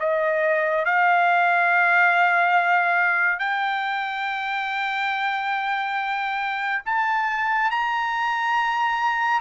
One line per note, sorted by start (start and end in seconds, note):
0.00 0.85 D#5
0.85 3.39 F5
3.39 6.82 G5
6.86 7.71 A5
7.71 9.41 A#5